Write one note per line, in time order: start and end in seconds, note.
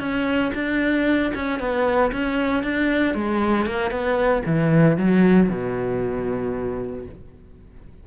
0.00 0.52 C#4
0.55 1.33 D4
1.35 1.60 C#4
1.60 2.12 B3
2.12 2.63 C#4
2.63 3.14 D4
3.14 3.66 G#3
3.66 3.91 A#3
3.91 4.43 B3
4.46 4.98 E3
4.98 5.49 F#3
5.49 7.06 B2